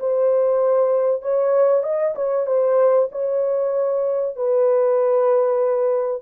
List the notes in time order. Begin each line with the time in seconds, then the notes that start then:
0.00 C5
1.22 C#5
1.83 D#5
2.15 C#5
2.47 C5
3.12 C#5
4.36 B4